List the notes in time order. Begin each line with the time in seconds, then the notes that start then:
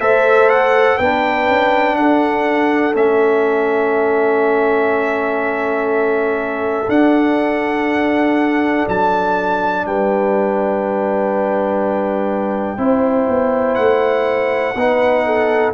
0.00 A3 A4 C5 E5
0.50 F#5
0.98 B3 D4 B4 G5
1.49 C#4
1.96 D4 A4 F#5
2.93 A3 C#4 E5
6.89 D4 F#5
8.88 F#3 A5
9.86 G3 B4 G5
12.78 C4 E4 C5
13.29 B3
13.75 A3 F#5
14.75 B3 D#4 B4
15.26 A4